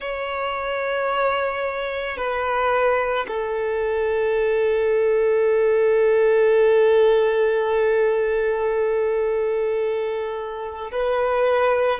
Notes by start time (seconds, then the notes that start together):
0.00 C#5
2.17 B4
3.27 A4
10.91 B4